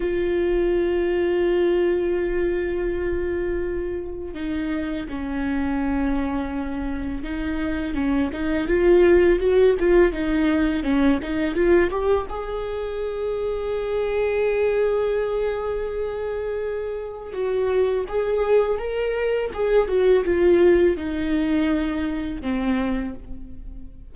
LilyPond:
\new Staff \with { instrumentName = "viola" } { \time 4/4 \tempo 4 = 83 f'1~ | f'2 dis'4 cis'4~ | cis'2 dis'4 cis'8 dis'8 | f'4 fis'8 f'8 dis'4 cis'8 dis'8 |
f'8 g'8 gis'2.~ | gis'1 | fis'4 gis'4 ais'4 gis'8 fis'8 | f'4 dis'2 c'4 | }